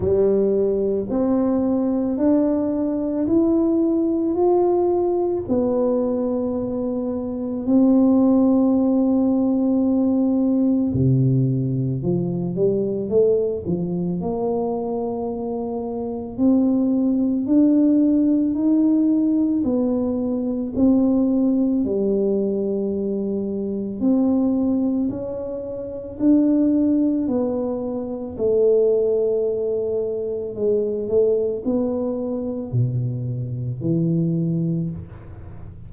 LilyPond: \new Staff \with { instrumentName = "tuba" } { \time 4/4 \tempo 4 = 55 g4 c'4 d'4 e'4 | f'4 b2 c'4~ | c'2 c4 f8 g8 | a8 f8 ais2 c'4 |
d'4 dis'4 b4 c'4 | g2 c'4 cis'4 | d'4 b4 a2 | gis8 a8 b4 b,4 e4 | }